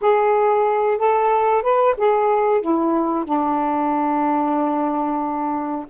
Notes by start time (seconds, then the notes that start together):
0.01 G#4
0.98 A4
1.62 B4
1.97 G#4
2.61 E4
3.25 D4